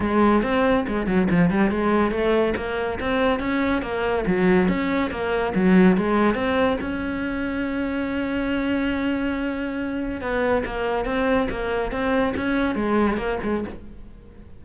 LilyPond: \new Staff \with { instrumentName = "cello" } { \time 4/4 \tempo 4 = 141 gis4 c'4 gis8 fis8 f8 g8 | gis4 a4 ais4 c'4 | cis'4 ais4 fis4 cis'4 | ais4 fis4 gis4 c'4 |
cis'1~ | cis'1 | b4 ais4 c'4 ais4 | c'4 cis'4 gis4 ais8 gis8 | }